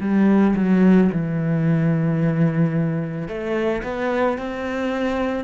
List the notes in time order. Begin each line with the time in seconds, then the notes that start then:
0.00 G3
0.56 F#3
1.12 E3
3.28 A3
3.83 B3
4.38 C4